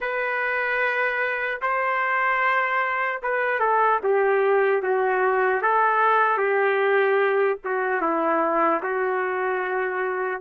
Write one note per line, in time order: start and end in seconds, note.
0.00 1.60 B4
1.61 3.21 C5
3.22 3.59 B4
3.59 3.99 A4
4.03 4.82 G4
4.82 5.62 F#4
5.62 6.37 A4
6.37 7.57 G4
7.64 8.01 F#4
8.01 8.81 E4
8.83 10.41 F#4